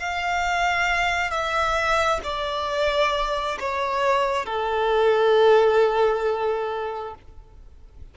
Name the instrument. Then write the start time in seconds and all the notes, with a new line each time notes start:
violin
0.00 F5
1.31 E5
2.24 D5
3.60 C#5
4.46 A4